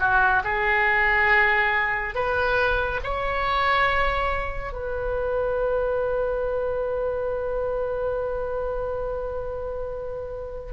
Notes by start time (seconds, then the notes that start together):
0.00 F#4
0.44 G#4
2.15 B4
3.04 C#5
4.72 B4